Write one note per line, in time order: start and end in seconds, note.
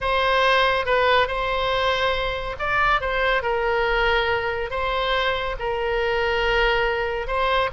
0.01 0.85 C5
0.85 1.27 B4
1.27 2.56 C5
2.59 3.00 D5
3.00 3.42 C5
3.42 4.70 A#4
4.70 5.56 C5
5.59 7.27 A#4
7.27 7.70 C5